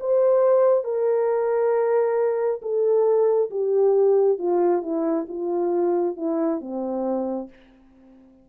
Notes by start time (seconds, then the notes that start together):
0.00 C5
0.84 A#4
2.61 A4
3.50 G4
4.38 F4
4.82 E4
5.28 F4
6.16 E4
6.61 C4